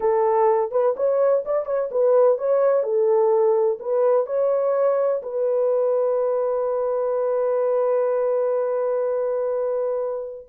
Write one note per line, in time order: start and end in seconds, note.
0.00 0.71 A4
0.71 0.94 B4
0.96 1.44 C#5
1.45 1.65 D5
1.65 1.89 C#5
1.91 2.37 B4
2.37 2.83 C#5
2.83 3.78 A4
3.79 4.26 B4
4.26 5.21 C#5
5.22 10.46 B4